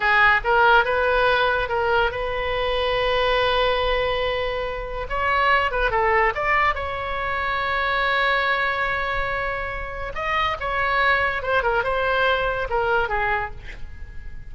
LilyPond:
\new Staff \with { instrumentName = "oboe" } { \time 4/4 \tempo 4 = 142 gis'4 ais'4 b'2 | ais'4 b'2.~ | b'1 | cis''4. b'8 a'4 d''4 |
cis''1~ | cis''1 | dis''4 cis''2 c''8 ais'8 | c''2 ais'4 gis'4 | }